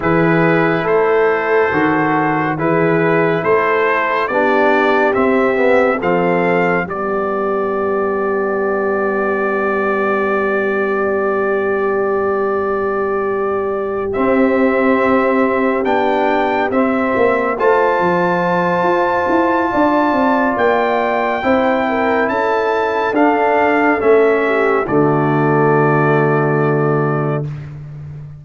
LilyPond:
<<
  \new Staff \with { instrumentName = "trumpet" } { \time 4/4 \tempo 4 = 70 b'4 c''2 b'4 | c''4 d''4 e''4 f''4 | d''1~ | d''1~ |
d''8 e''2 g''4 e''8~ | e''8 a''2.~ a''8 | g''2 a''4 f''4 | e''4 d''2. | }
  \new Staff \with { instrumentName = "horn" } { \time 4/4 gis'4 a'2 gis'4 | a'4 g'2 a'4 | g'1~ | g'1~ |
g'1~ | g'8 c''2~ c''8 d''4~ | d''4 c''8 ais'8 a'2~ | a'8 g'8 fis'2. | }
  \new Staff \with { instrumentName = "trombone" } { \time 4/4 e'2 fis'4 e'4~ | e'4 d'4 c'8 b8 c'4 | b1~ | b1~ |
b8 c'2 d'4 c'8~ | c'8 f'2.~ f'8~ | f'4 e'2 d'4 | cis'4 a2. | }
  \new Staff \with { instrumentName = "tuba" } { \time 4/4 e4 a4 dis4 e4 | a4 b4 c'4 f4 | g1~ | g1~ |
g8 c'2 b4 c'8 | ais8 a8 f4 f'8 e'8 d'8 c'8 | ais4 c'4 cis'4 d'4 | a4 d2. | }
>>